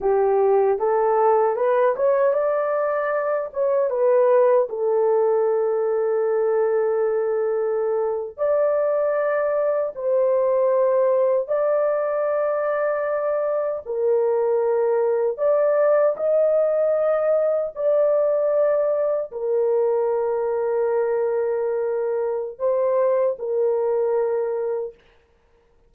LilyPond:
\new Staff \with { instrumentName = "horn" } { \time 4/4 \tempo 4 = 77 g'4 a'4 b'8 cis''8 d''4~ | d''8 cis''8 b'4 a'2~ | a'2~ a'8. d''4~ d''16~ | d''8. c''2 d''4~ d''16~ |
d''4.~ d''16 ais'2 d''16~ | d''8. dis''2 d''4~ d''16~ | d''8. ais'2.~ ais'16~ | ais'4 c''4 ais'2 | }